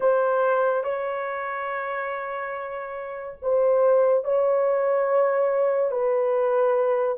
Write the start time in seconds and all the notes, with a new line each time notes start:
0.00 C5
0.83 C#5
3.41 C5
4.24 C#5
5.91 B4